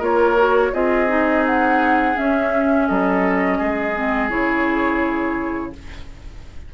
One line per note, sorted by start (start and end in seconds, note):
0.00 0.72 A#3
0.00 0.37 F4
0.00 0.71 A#4
0.00 0.74 C#5
0.37 0.73 F#4
0.73 2.16 C4
0.73 1.08 F4
0.73 2.89 G#4
0.73 1.46 D#5
1.08 2.15 D#4
1.46 2.18 F#5
2.15 3.93 C#4
2.15 2.90 C#4
2.15 2.88 E5
2.88 3.61 F#3
2.88 3.58 A4
2.88 4.30 D#5
3.58 4.31 G#3
3.58 5.72 G#4
3.96 4.30 C4
4.30 5.74 C#3
4.30 5.73 E4
4.30 5.73 C#5